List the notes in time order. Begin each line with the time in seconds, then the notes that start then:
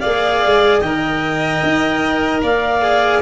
0.00 G#4 D5 F5
0.06 A#3
0.45 G#3
0.80 D#3 A#4 D#5 G5
1.63 D#4
2.43 A#3 D5 F5
2.82 G#4